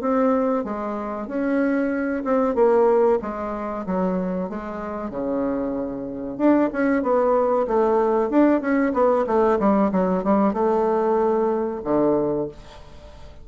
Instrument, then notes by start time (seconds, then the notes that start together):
bassoon
0.00 C4
0.64 G#3
1.27 C#4
2.24 C4
2.55 A#3
3.21 G#3
3.86 F#3
4.49 G#3
5.10 C#3
6.37 D4
6.72 C#4
7.02 B3
7.67 A3
8.29 D4
8.61 C#4
8.93 B3
9.26 A3
9.59 G3
9.91 F#3
10.24 G3
10.53 A3
11.84 D3